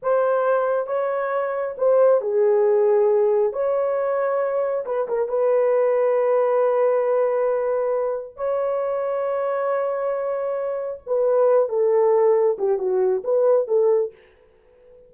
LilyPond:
\new Staff \with { instrumentName = "horn" } { \time 4/4 \tempo 4 = 136 c''2 cis''2 | c''4 gis'2. | cis''2. b'8 ais'8 | b'1~ |
b'2. cis''4~ | cis''1~ | cis''4 b'4. a'4.~ | a'8 g'8 fis'4 b'4 a'4 | }